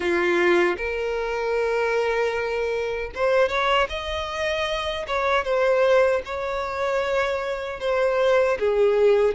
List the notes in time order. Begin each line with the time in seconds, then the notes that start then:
0.00 F4
0.77 A#4
3.15 C5
3.49 C#5
3.89 D#5
5.06 C#5
5.44 C5
6.25 C#5
7.80 C5
8.59 G#4